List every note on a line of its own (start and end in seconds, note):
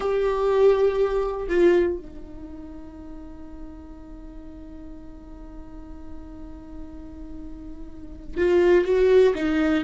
0.00 1.47 G4
1.48 1.97 F4
1.97 8.37 D#4
8.37 8.84 F4
8.84 9.33 F#4
9.34 9.84 D#4